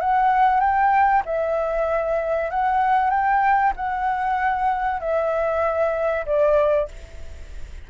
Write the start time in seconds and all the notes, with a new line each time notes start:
0.00 F#5
0.60 G5
1.25 E5
2.50 F#5
3.10 G5
3.76 F#5
5.00 E5
6.26 D5